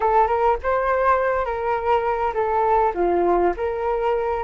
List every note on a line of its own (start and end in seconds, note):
0.00 0.27 A4
0.27 0.56 A#4
0.62 1.45 C5
1.45 2.33 A#4
2.34 2.93 A4
2.94 3.53 F4
3.56 4.43 A#4